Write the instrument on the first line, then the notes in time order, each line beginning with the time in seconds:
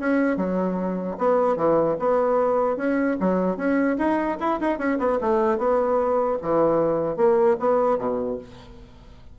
bassoon
0.00 C#4
0.37 F#3
1.19 B3
1.57 E3
2.00 B3
2.77 C#4
3.20 F#3
3.57 C#4
3.99 D#4
4.40 E4
4.61 D#4
4.79 C#4
4.99 B3
5.21 A3
5.59 B3
6.43 E3
7.17 A#3
7.60 B3
7.99 B2